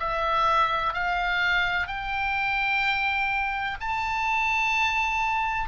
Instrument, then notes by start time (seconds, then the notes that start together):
oboe
0.00 E5
0.94 F5
1.87 G5
3.81 A5